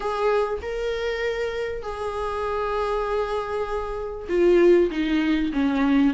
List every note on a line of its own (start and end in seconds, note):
0.00 0.59 G#4
0.62 1.82 A#4
1.82 4.27 G#4
4.28 4.90 F4
4.90 5.52 D#4
5.52 6.14 C#4